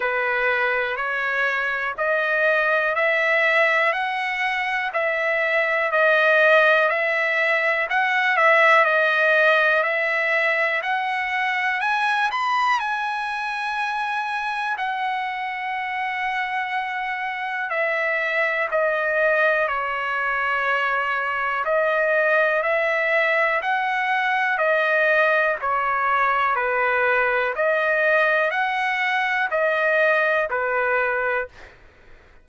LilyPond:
\new Staff \with { instrumentName = "trumpet" } { \time 4/4 \tempo 4 = 61 b'4 cis''4 dis''4 e''4 | fis''4 e''4 dis''4 e''4 | fis''8 e''8 dis''4 e''4 fis''4 | gis''8 b''8 gis''2 fis''4~ |
fis''2 e''4 dis''4 | cis''2 dis''4 e''4 | fis''4 dis''4 cis''4 b'4 | dis''4 fis''4 dis''4 b'4 | }